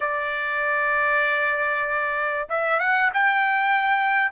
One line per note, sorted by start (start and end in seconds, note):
0.00 2.47 D5
2.49 2.79 E5
2.79 3.10 F#5
3.13 4.31 G5